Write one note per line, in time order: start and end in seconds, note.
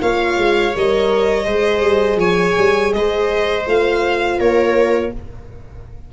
0.00 0.37 A#3
0.00 0.73 F4
0.00 1.45 C#5
0.00 0.75 F5
0.37 0.74 G#3
0.75 1.46 G3
0.75 1.45 A#4
0.75 2.20 D#5
1.45 1.81 G#3
1.45 3.64 G#4
1.45 2.18 C5
1.81 2.16 G3
2.16 2.53 F3
2.16 2.93 C#5
2.16 2.93 G#5
2.58 2.93 G3
2.93 3.66 G#3
2.93 4.38 C5
2.93 3.66 D#5
3.66 4.39 A3
3.66 5.13 F4
3.66 4.40 F5
4.38 5.12 A#3
4.38 5.11 A#4
4.38 5.13 C#5